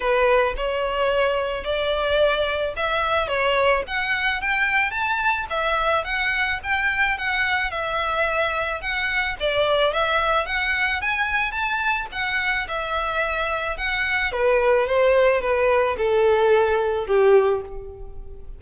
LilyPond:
\new Staff \with { instrumentName = "violin" } { \time 4/4 \tempo 4 = 109 b'4 cis''2 d''4~ | d''4 e''4 cis''4 fis''4 | g''4 a''4 e''4 fis''4 | g''4 fis''4 e''2 |
fis''4 d''4 e''4 fis''4 | gis''4 a''4 fis''4 e''4~ | e''4 fis''4 b'4 c''4 | b'4 a'2 g'4 | }